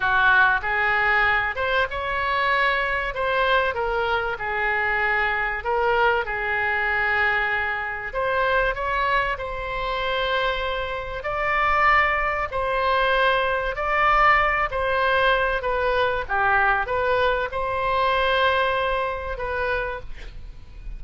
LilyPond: \new Staff \with { instrumentName = "oboe" } { \time 4/4 \tempo 4 = 96 fis'4 gis'4. c''8 cis''4~ | cis''4 c''4 ais'4 gis'4~ | gis'4 ais'4 gis'2~ | gis'4 c''4 cis''4 c''4~ |
c''2 d''2 | c''2 d''4. c''8~ | c''4 b'4 g'4 b'4 | c''2. b'4 | }